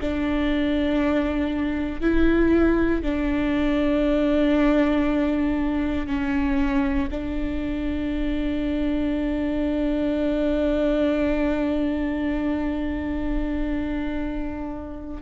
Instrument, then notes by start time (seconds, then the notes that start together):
viola
0.00 D4
2.01 E4
3.02 D4
6.06 C#4
7.10 D4